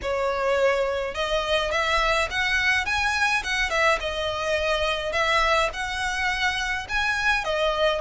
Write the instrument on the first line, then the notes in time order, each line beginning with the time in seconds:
violin
0.02 C#5
1.14 D#5
1.71 E5
2.30 F#5
2.85 G#5
3.43 F#5
3.70 E5
4.00 D#5
5.12 E5
5.73 F#5
6.88 G#5
7.44 D#5